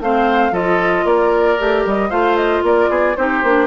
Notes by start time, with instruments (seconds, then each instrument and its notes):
0.00 bassoon A3, clarinet C4, oboe C5, flute F5
0.52 bassoon F3, clarinet F4, oboe A4, flute D#5
1.05 bassoon A#3, oboe A#4, flute D5
1.59 bassoon A3, clarinet G4
1.86 bassoon G3, flute D#5
2.10 bassoon A3, clarinet F4, oboe C5, flute F5
2.37 flute D#5
2.63 bassoon A#3, oboe A#4, flute D5
2.89 bassoon B3, oboe G#4
3.16 bassoon C4, clarinet D#4, oboe G4, flute C5
3.43 bassoon A#3, clarinet D4